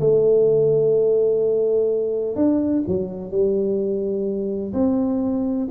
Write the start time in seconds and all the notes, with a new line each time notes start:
0.00 A3
2.36 D4
2.88 F#3
3.31 G3
4.74 C4